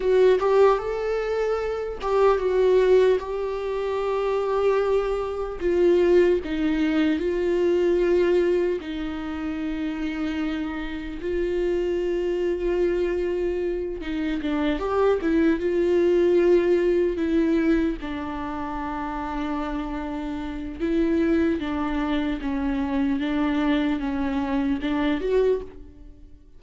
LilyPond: \new Staff \with { instrumentName = "viola" } { \time 4/4 \tempo 4 = 75 fis'8 g'8 a'4. g'8 fis'4 | g'2. f'4 | dis'4 f'2 dis'4~ | dis'2 f'2~ |
f'4. dis'8 d'8 g'8 e'8 f'8~ | f'4. e'4 d'4.~ | d'2 e'4 d'4 | cis'4 d'4 cis'4 d'8 fis'8 | }